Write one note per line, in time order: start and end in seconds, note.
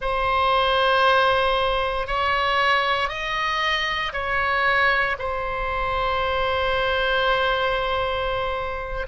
0.00 2.07 C5
2.07 3.08 C#5
3.08 4.12 D#5
4.12 5.16 C#5
5.18 9.06 C5